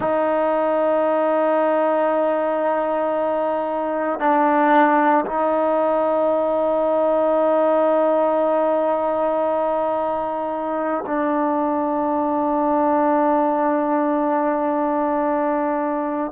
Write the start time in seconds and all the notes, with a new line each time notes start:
0.00 D#4
4.19 D4
5.25 D#4
11.06 D4